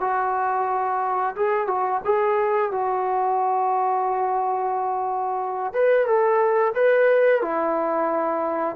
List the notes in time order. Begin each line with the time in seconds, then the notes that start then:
0.00 F#4
1.35 G#4
1.67 F#4
2.05 G#4
2.72 F#4
5.73 B4
6.06 A4
6.75 B4
7.42 E4